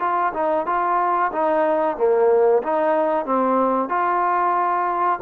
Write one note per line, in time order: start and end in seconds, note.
0.00 0.33 F4
0.33 0.66 D#4
0.66 1.31 F4
1.32 1.97 D#4
1.97 2.62 A#3
2.63 3.25 D#4
3.25 3.89 C4
3.89 5.19 F4